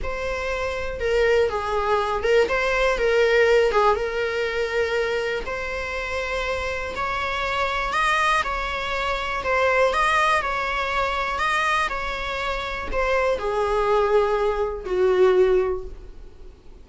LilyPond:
\new Staff \with { instrumentName = "viola" } { \time 4/4 \tempo 4 = 121 c''2 ais'4 gis'4~ | gis'8 ais'8 c''4 ais'4. gis'8 | ais'2. c''4~ | c''2 cis''2 |
dis''4 cis''2 c''4 | dis''4 cis''2 dis''4 | cis''2 c''4 gis'4~ | gis'2 fis'2 | }